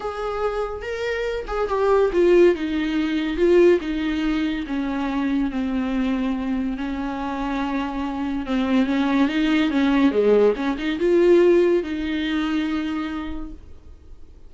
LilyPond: \new Staff \with { instrumentName = "viola" } { \time 4/4 \tempo 4 = 142 gis'2 ais'4. gis'8 | g'4 f'4 dis'2 | f'4 dis'2 cis'4~ | cis'4 c'2. |
cis'1 | c'4 cis'4 dis'4 cis'4 | gis4 cis'8 dis'8 f'2 | dis'1 | }